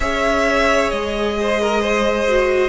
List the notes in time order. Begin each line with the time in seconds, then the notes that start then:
0.00 C#4 G#4 C#5 E5
0.90 G#3 D#5
1.40 C5
1.61 A#4
1.82 C5
2.28 F#4